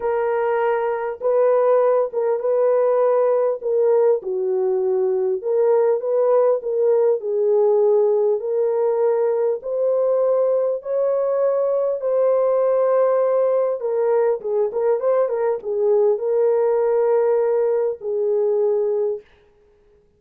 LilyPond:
\new Staff \with { instrumentName = "horn" } { \time 4/4 \tempo 4 = 100 ais'2 b'4. ais'8 | b'2 ais'4 fis'4~ | fis'4 ais'4 b'4 ais'4 | gis'2 ais'2 |
c''2 cis''2 | c''2. ais'4 | gis'8 ais'8 c''8 ais'8 gis'4 ais'4~ | ais'2 gis'2 | }